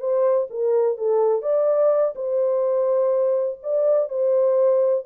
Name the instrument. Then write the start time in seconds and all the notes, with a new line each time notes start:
horn
0.00 C5
0.50 A#4
0.98 A4
1.43 D5
2.16 C5
3.63 D5
4.09 C5